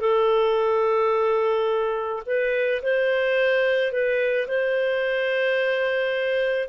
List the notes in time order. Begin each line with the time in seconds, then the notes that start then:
0.00 A4
2.26 B4
2.82 C5
3.92 B4
4.47 C5